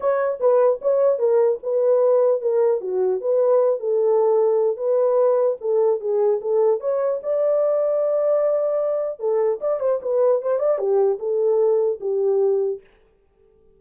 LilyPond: \new Staff \with { instrumentName = "horn" } { \time 4/4 \tempo 4 = 150 cis''4 b'4 cis''4 ais'4 | b'2 ais'4 fis'4 | b'4. a'2~ a'8 | b'2 a'4 gis'4 |
a'4 cis''4 d''2~ | d''2. a'4 | d''8 c''8 b'4 c''8 d''8 g'4 | a'2 g'2 | }